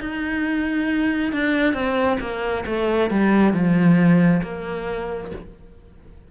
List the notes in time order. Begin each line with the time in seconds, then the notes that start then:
0.00 D#4
1.32 D4
1.74 C4
2.20 A#3
2.66 A3
3.10 G3
3.53 F3
4.43 A#3